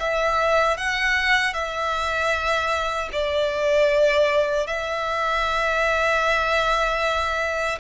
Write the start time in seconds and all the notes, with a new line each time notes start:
0.00 E5
0.78 F#5
1.54 E5
3.13 D5
4.68 E5